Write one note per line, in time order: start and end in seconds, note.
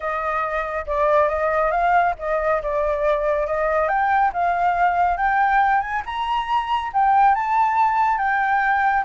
0.00 0.85 D#5
0.86 1.28 D5
1.28 1.71 D#5
1.71 2.14 F5
2.18 2.62 D#5
2.62 3.46 D5
3.46 3.88 D#5
3.88 4.31 G5
4.33 5.17 F5
5.17 5.80 G5
5.80 6.02 G#5
6.05 6.91 A#5
6.93 7.34 G5
7.34 8.18 A5
8.18 9.04 G5